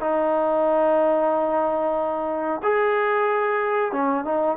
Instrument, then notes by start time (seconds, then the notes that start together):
trombone
0.00 D#4
2.63 G#4
3.92 C#4
4.24 D#4